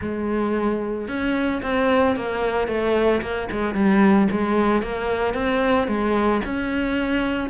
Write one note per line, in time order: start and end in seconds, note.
0.01 1.08 G#3
1.08 1.61 C#4
1.62 2.16 C4
2.16 2.67 A#3
2.67 3.21 A3
3.21 3.48 A#3
3.51 3.74 G#3
3.74 4.28 G3
4.31 4.82 G#3
4.82 5.34 A#3
5.34 5.87 C4
5.87 6.41 G#3
6.44 7.49 C#4